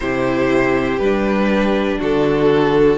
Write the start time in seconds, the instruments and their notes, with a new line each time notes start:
0.00 cello C3, viola E4, violin G4 C5
0.98 cello G3, viola D4, violin B4
1.98 cello D3, violin F#4 A4